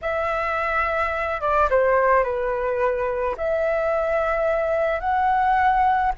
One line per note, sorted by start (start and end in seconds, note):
0.01 1.40 E5
1.40 1.68 D5
1.70 2.23 C5
2.23 3.35 B4
3.37 5.00 E5
5.00 6.12 F#5